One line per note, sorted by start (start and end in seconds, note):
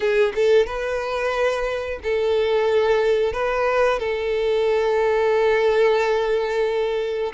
0.00 0.32 G#4
0.35 0.66 A4
0.66 1.99 B4
2.03 3.32 A4
3.32 3.99 B4
3.99 7.32 A4